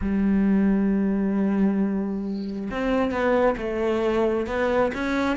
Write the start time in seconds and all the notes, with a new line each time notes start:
0.01 G3
2.71 C4
3.11 B3
3.57 A3
4.47 B3
4.94 C#4